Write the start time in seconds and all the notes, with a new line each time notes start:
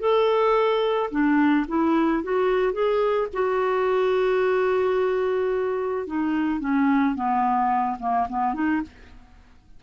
0.00 A4
1.11 D4
1.68 E4
2.23 F#4
2.73 G#4
3.34 F#4
6.07 D#4
6.61 C#4
7.16 B3
8.00 A#3
8.29 B3
8.54 D#4